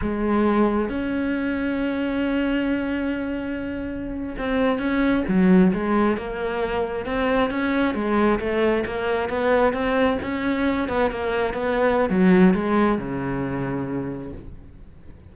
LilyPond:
\new Staff \with { instrumentName = "cello" } { \time 4/4 \tempo 4 = 134 gis2 cis'2~ | cis'1~ | cis'4.~ cis'16 c'4 cis'4 fis16~ | fis8. gis4 ais2 c'16~ |
c'8. cis'4 gis4 a4 ais16~ | ais8. b4 c'4 cis'4~ cis'16~ | cis'16 b8 ais4 b4~ b16 fis4 | gis4 cis2. | }